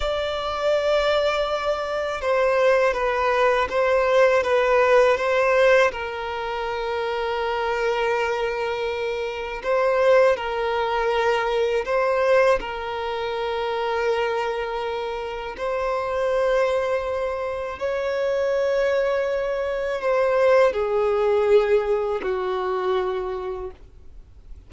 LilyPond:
\new Staff \with { instrumentName = "violin" } { \time 4/4 \tempo 4 = 81 d''2. c''4 | b'4 c''4 b'4 c''4 | ais'1~ | ais'4 c''4 ais'2 |
c''4 ais'2.~ | ais'4 c''2. | cis''2. c''4 | gis'2 fis'2 | }